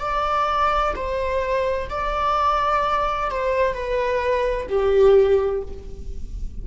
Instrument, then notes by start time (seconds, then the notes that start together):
viola
0.00 D5
0.95 C5
1.90 D5
3.30 C5
3.73 B4
4.68 G4